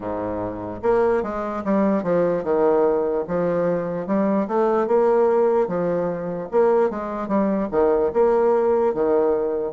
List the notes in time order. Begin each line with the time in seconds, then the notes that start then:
0.00 G#2
0.82 A#3
1.22 G#3
1.64 G3
2.03 F3
2.43 D#3
3.27 F3
4.07 G3
4.47 A3
4.86 A#3
5.68 F3
6.51 A#3
6.90 G#3
7.28 G3
7.71 D#3
8.13 A#3
8.94 D#3